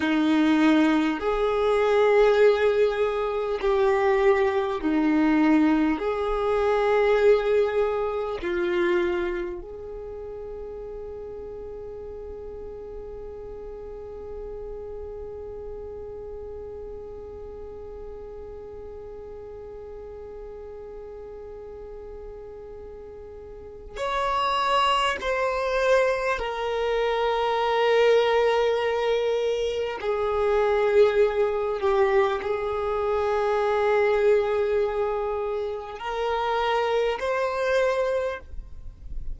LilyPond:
\new Staff \with { instrumentName = "violin" } { \time 4/4 \tempo 4 = 50 dis'4 gis'2 g'4 | dis'4 gis'2 f'4 | gis'1~ | gis'1~ |
gis'1 | cis''4 c''4 ais'2~ | ais'4 gis'4. g'8 gis'4~ | gis'2 ais'4 c''4 | }